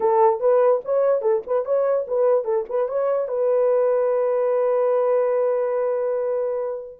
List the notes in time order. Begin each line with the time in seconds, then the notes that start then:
0.00 A4
0.40 B4
0.84 C#5
1.21 A4
1.46 B4
1.65 C#5
2.07 B4
2.44 A4
2.69 B4
2.88 C#5
3.28 B4